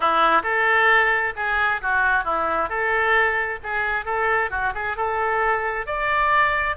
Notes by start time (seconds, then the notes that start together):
0.00 E4
0.43 A4
1.36 G#4
1.81 F#4
2.24 E4
2.69 A4
3.63 G#4
4.05 A4
4.50 F#4
4.74 G#4
4.96 A4
5.86 D5